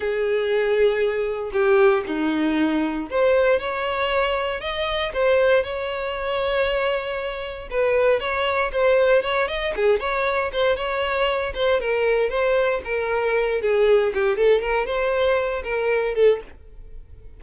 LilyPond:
\new Staff \with { instrumentName = "violin" } { \time 4/4 \tempo 4 = 117 gis'2. g'4 | dis'2 c''4 cis''4~ | cis''4 dis''4 c''4 cis''4~ | cis''2. b'4 |
cis''4 c''4 cis''8 dis''8 gis'8 cis''8~ | cis''8 c''8 cis''4. c''8 ais'4 | c''4 ais'4. gis'4 g'8 | a'8 ais'8 c''4. ais'4 a'8 | }